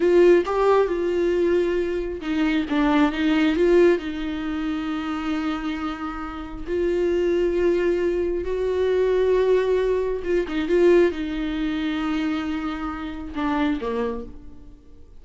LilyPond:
\new Staff \with { instrumentName = "viola" } { \time 4/4 \tempo 4 = 135 f'4 g'4 f'2~ | f'4 dis'4 d'4 dis'4 | f'4 dis'2.~ | dis'2. f'4~ |
f'2. fis'4~ | fis'2. f'8 dis'8 | f'4 dis'2.~ | dis'2 d'4 ais4 | }